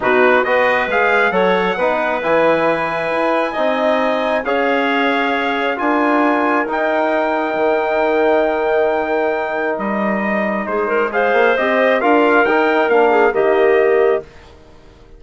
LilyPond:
<<
  \new Staff \with { instrumentName = "trumpet" } { \time 4/4 \tempo 4 = 135 b'4 dis''4 f''4 fis''4~ | fis''4 gis''2.~ | gis''2 f''2~ | f''4 gis''2 g''4~ |
g''1~ | g''2 dis''2 | c''4 f''4 dis''4 f''4 | g''4 f''4 dis''2 | }
  \new Staff \with { instrumentName = "clarinet" } { \time 4/4 fis'4 b'2 cis''4 | b'1 | dis''2 cis''2~ | cis''4 ais'2.~ |
ais'1~ | ais'1 | gis'8 ais'8 c''2 ais'4~ | ais'4. gis'8 g'2 | }
  \new Staff \with { instrumentName = "trombone" } { \time 4/4 dis'4 fis'4 gis'4 a'4 | dis'4 e'2. | dis'2 gis'2~ | gis'4 f'2 dis'4~ |
dis'1~ | dis'1~ | dis'4 gis'4 g'4 f'4 | dis'4 d'4 ais2 | }
  \new Staff \with { instrumentName = "bassoon" } { \time 4/4 b,4 b4 gis4 fis4 | b4 e2 e'4 | c'2 cis'2~ | cis'4 d'2 dis'4~ |
dis'4 dis2.~ | dis2 g2 | gis4. ais8 c'4 d'4 | dis'4 ais4 dis2 | }
>>